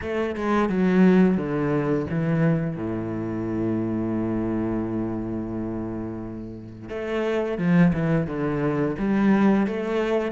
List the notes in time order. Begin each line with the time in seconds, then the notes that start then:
0.01 A3
0.35 G#3
0.69 F#3
1.37 D3
2.10 E3
2.76 A2
6.89 A3
7.57 F3
7.93 E3
8.27 D3
8.98 G3
9.66 A3